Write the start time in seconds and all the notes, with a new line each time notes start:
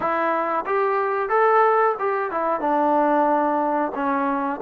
0.00 E4
0.66 G4
1.29 A4
1.99 G4
2.31 E4
2.60 D4
3.94 C#4